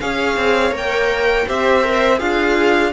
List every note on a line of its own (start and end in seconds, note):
0.00 0.37 C#4
0.00 0.72 G#4
0.00 1.47 C#5
0.00 0.73 F5
0.37 0.71 C4
0.71 1.44 A#3
0.71 1.45 A#4
0.71 1.48 G5
1.47 2.20 C4
1.47 1.83 G4
1.47 2.19 C5
1.47 2.19 E5
1.83 2.17 A#4
2.17 2.93 D4
2.17 2.92 F4
2.17 2.90 G#4
2.17 2.93 F5